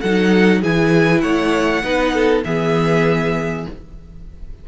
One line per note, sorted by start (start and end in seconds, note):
0.00 0.63 F#3
0.00 0.63 D#4
0.00 0.60 A4
0.00 0.61 F#5
0.60 1.23 E3
0.60 1.82 E4
0.60 1.21 G#4
0.60 1.20 G#5
1.20 1.83 A3
1.20 1.83 C#5
1.20 2.42 F#5
1.82 2.44 B3
1.82 2.43 D#4
1.82 2.14 B4
2.14 2.44 A4
2.44 3.66 E3
2.44 3.67 B3
2.44 3.67 G#4
2.44 3.65 E5